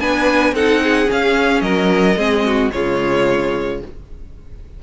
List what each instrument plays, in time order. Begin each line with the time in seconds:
0.00 cello B3, viola D4, violin B4 G#5
0.52 cello C4, viola D#4, violin A4 F#5
0.84 violin G#4
1.06 viola C#4, cello C#4, violin F5
1.62 cello F#3, violin A#4 D#5
2.17 cello G#3, viola C4, violin G#4
2.46 violin F#4
2.72 cello C#3, viola G#3, violin F4 C#5